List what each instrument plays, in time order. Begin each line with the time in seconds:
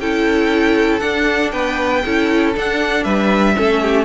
0.00 cello C#4, viola E4, violin A4 G5
1.00 viola D4, cello D4, violin F#5
1.51 cello B3, violin B4 G5
2.05 cello C#4, viola E4, violin A4
2.54 viola D4, cello D4, violin F#5
3.03 cello G3, violin B4 E5
3.56 cello A3, viola C#4, violin A4
3.82 violin G4